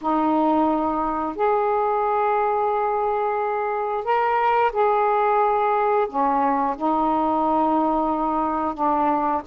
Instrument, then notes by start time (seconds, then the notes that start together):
saxophone
0.01 D#4
1.35 G#4
4.04 A#4
4.72 G#4
6.08 C#4
6.77 D#4
8.74 D4